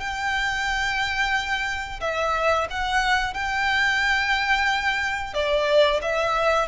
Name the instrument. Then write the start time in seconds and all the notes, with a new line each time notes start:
violin
0.00 G5
2.00 E5
2.70 F#5
3.33 G5
5.34 D5
6.02 E5